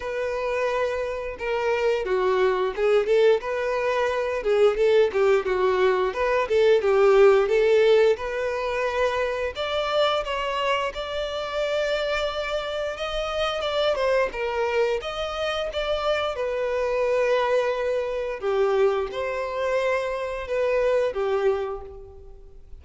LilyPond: \new Staff \with { instrumentName = "violin" } { \time 4/4 \tempo 4 = 88 b'2 ais'4 fis'4 | gis'8 a'8 b'4. gis'8 a'8 g'8 | fis'4 b'8 a'8 g'4 a'4 | b'2 d''4 cis''4 |
d''2. dis''4 | d''8 c''8 ais'4 dis''4 d''4 | b'2. g'4 | c''2 b'4 g'4 | }